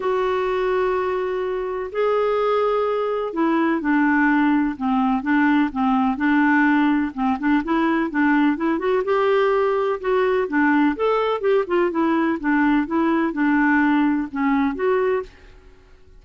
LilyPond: \new Staff \with { instrumentName = "clarinet" } { \time 4/4 \tempo 4 = 126 fis'1 | gis'2. e'4 | d'2 c'4 d'4 | c'4 d'2 c'8 d'8 |
e'4 d'4 e'8 fis'8 g'4~ | g'4 fis'4 d'4 a'4 | g'8 f'8 e'4 d'4 e'4 | d'2 cis'4 fis'4 | }